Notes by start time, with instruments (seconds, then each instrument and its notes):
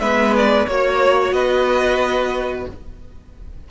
0.00 cello G#3, viola B3, violin B4 E5
0.36 violin D5
0.67 cello A#3, viola F#4, violin C#5
1.32 cello B3, violin B4 D#5